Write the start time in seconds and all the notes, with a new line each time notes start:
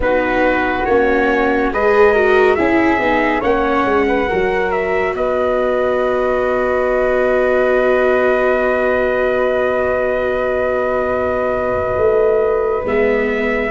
0.00 B3 D#4 F#4 B4
0.85 A#3 C#4 C#5
1.72 G#3 G#4 B4 D#5
2.13 F#4 A#4
2.55 C#4 E4 G#4 E5
2.99 B3 D#4
3.40 A#3 C#4 C#5 F#5
3.84 G#3
4.07 B4
4.28 F#3 F#4 A#4
4.71 E5
5.13 B3 B4 D#5
11.96 A3
12.84 G#3 B3 E5